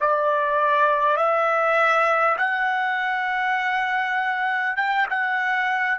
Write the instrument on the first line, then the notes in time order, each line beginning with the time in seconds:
trumpet
0.00 D5
1.16 E5
2.38 F#5
4.77 G5
5.09 F#5